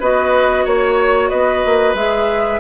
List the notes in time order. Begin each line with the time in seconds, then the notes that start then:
0.00 B3 F#4 B4 D#5
0.65 A#3 C#5
1.29 B3 B4 D#5
1.65 A#3
1.94 G#3 G#4 E5